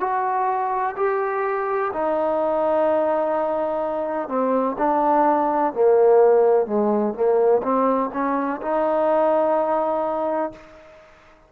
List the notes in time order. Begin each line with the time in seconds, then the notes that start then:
0.00 F#4
0.96 G4
1.93 D#4
4.29 C4
4.78 D4
5.73 A#3
6.67 G#3
7.14 A#3
7.63 C4
8.13 C#4
8.62 D#4